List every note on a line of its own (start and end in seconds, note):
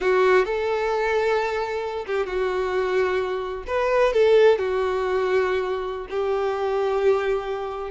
0.00 0.45 F#4
0.45 2.05 A4
2.06 2.26 G4
2.26 3.63 F#4
3.67 4.13 B4
4.13 4.58 A4
4.58 6.07 F#4
6.10 7.90 G4